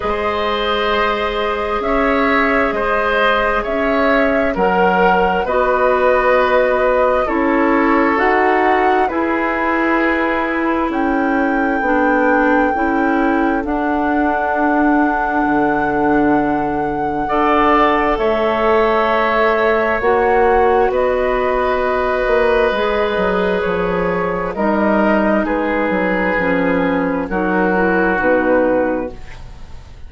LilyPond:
<<
  \new Staff \with { instrumentName = "flute" } { \time 4/4 \tempo 4 = 66 dis''2 e''4 dis''4 | e''4 fis''4 dis''2 | cis''4 fis''4 b'2 | g''2. fis''4~ |
fis''1 | e''2 fis''4 dis''4~ | dis''2 cis''4 dis''4 | b'2 ais'4 b'4 | }
  \new Staff \with { instrumentName = "oboe" } { \time 4/4 c''2 cis''4 c''4 | cis''4 ais'4 b'2 | a'2 gis'2 | a'1~ |
a'2. d''4 | cis''2. b'4~ | b'2. ais'4 | gis'2 fis'2 | }
  \new Staff \with { instrumentName = "clarinet" } { \time 4/4 gis'1~ | gis'4 ais'4 fis'2 | e'4 fis'4 e'2~ | e'4 d'4 e'4 d'4~ |
d'2. a'4~ | a'2 fis'2~ | fis'4 gis'2 dis'4~ | dis'4 cis'4 dis'8 e'8 dis'4 | }
  \new Staff \with { instrumentName = "bassoon" } { \time 4/4 gis2 cis'4 gis4 | cis'4 fis4 b2 | cis'4 dis'4 e'2 | cis'4 b4 cis'4 d'4~ |
d'4 d2 d'4 | a2 ais4 b4~ | b8 ais8 gis8 fis8 f4 g4 | gis8 fis8 f4 fis4 b,4 | }
>>